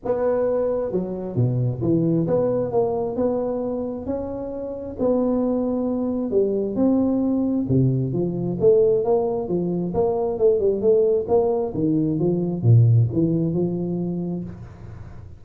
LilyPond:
\new Staff \with { instrumentName = "tuba" } { \time 4/4 \tempo 4 = 133 b2 fis4 b,4 | e4 b4 ais4 b4~ | b4 cis'2 b4~ | b2 g4 c'4~ |
c'4 c4 f4 a4 | ais4 f4 ais4 a8 g8 | a4 ais4 dis4 f4 | ais,4 e4 f2 | }